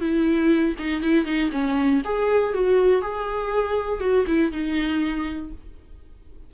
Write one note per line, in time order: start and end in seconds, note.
0.00 0.75 E4
0.78 1.02 D#4
1.02 1.25 E4
1.25 1.50 D#4
1.52 2.02 C#4
2.05 2.54 G#4
2.54 3.02 F#4
3.02 4.00 G#4
4.00 4.25 F#4
4.27 4.52 E4
4.52 5.52 D#4